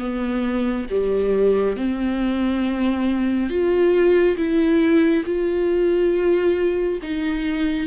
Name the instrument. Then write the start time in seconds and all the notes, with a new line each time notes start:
viola
0.00 B3
0.91 G3
1.77 C4
3.50 F4
4.37 E4
5.26 F4
7.03 D#4